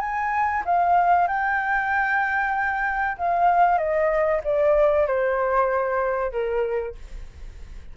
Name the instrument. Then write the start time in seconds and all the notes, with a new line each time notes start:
flute
0.00 G#5
0.65 F5
1.27 G5
3.17 F5
3.78 D#5
4.44 D5
5.07 C5
6.32 A#4